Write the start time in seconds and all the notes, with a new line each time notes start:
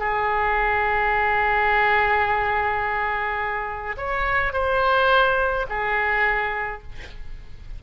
0.00 G#4
3.97 C#5
4.53 C5
5.69 G#4